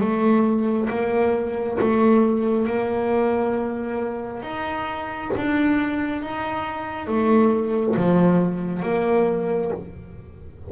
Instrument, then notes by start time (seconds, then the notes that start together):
double bass
0.00 A3
0.89 A#3
1.80 A3
2.66 A#3
4.42 D#4
5.36 D4
6.22 D#4
7.07 A3
7.96 F3
8.82 A#3